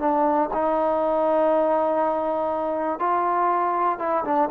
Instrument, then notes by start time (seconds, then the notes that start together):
trombone
0.00 D4
0.54 D#4
3.00 F4
3.99 E4
4.25 D4